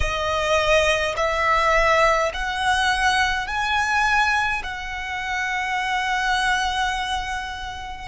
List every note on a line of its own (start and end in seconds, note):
0.00 1.15 D#5
1.16 2.31 E5
2.33 3.47 F#5
3.47 4.62 G#5
4.63 8.08 F#5